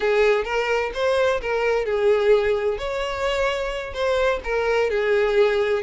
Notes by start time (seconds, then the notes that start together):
0.00 G#4
0.44 A#4
0.94 C5
1.41 A#4
1.85 G#4
2.78 C#5
3.93 C5
4.44 A#4
4.90 G#4